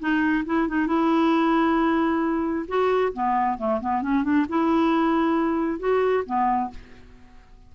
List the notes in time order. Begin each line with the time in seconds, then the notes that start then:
0.00 D#4
0.46 E4
0.68 D#4
0.87 E4
2.68 F#4
3.13 B3
3.59 A3
3.81 B3
4.03 C#4
4.24 D4
4.49 E4
5.79 F#4
6.26 B3